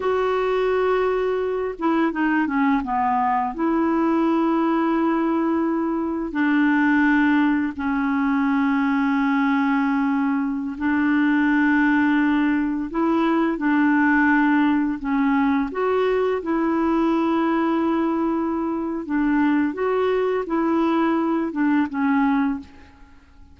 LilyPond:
\new Staff \with { instrumentName = "clarinet" } { \time 4/4 \tempo 4 = 85 fis'2~ fis'8 e'8 dis'8 cis'8 | b4 e'2.~ | e'4 d'2 cis'4~ | cis'2.~ cis'16 d'8.~ |
d'2~ d'16 e'4 d'8.~ | d'4~ d'16 cis'4 fis'4 e'8.~ | e'2. d'4 | fis'4 e'4. d'8 cis'4 | }